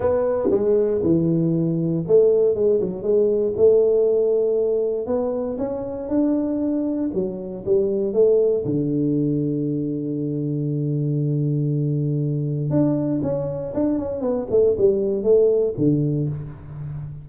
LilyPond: \new Staff \with { instrumentName = "tuba" } { \time 4/4 \tempo 4 = 118 b4 gis4 e2 | a4 gis8 fis8 gis4 a4~ | a2 b4 cis'4 | d'2 fis4 g4 |
a4 d2.~ | d1~ | d4 d'4 cis'4 d'8 cis'8 | b8 a8 g4 a4 d4 | }